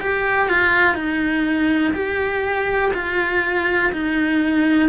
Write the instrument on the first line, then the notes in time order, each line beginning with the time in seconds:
cello
0.00 G4
0.49 F4
0.95 D#4
1.94 G4
2.94 F4
3.93 D#4